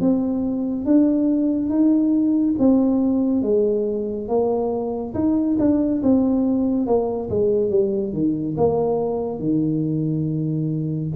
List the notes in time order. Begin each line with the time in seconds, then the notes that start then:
0.00 C4
0.86 D4
1.69 D#4
2.59 C4
3.42 G#3
4.28 A#3
5.14 D#4
5.59 D4
6.02 C4
6.86 A#3
7.30 G#3
7.70 G3
8.13 D#3
8.57 A#3
9.39 D#3